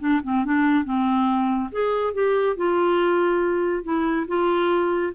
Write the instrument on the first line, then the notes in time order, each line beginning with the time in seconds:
clarinet
0.00 D4
0.24 C4
0.45 D4
0.85 C4
1.72 G#4
2.14 G4
2.57 F4
3.84 E4
4.28 F4